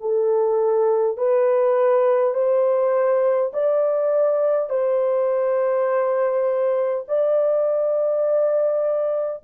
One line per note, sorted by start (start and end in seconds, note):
0.00 1.17 A4
1.17 2.34 B4
2.34 3.51 C5
3.53 4.69 D5
4.69 7.04 C5
7.07 9.43 D5